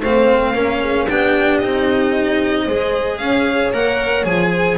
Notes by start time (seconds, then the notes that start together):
0.00 A3 C4 C5 F5
0.52 A#3 C#4 A#4
0.80 G#4
1.06 B3 D4 G4 G5
1.58 C4 D#4 D#5
2.65 G#3 G#4 C5
3.17 C#4 C#5 F5
3.73 A#3 A#4 F#5
4.23 F3 G#4 G#5
4.51 C5